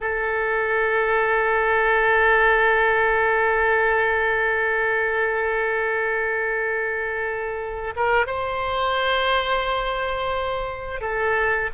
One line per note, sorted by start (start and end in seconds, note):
0.00 7.93 A4
7.96 8.26 A#4
8.26 11.01 C5
11.01 11.70 A4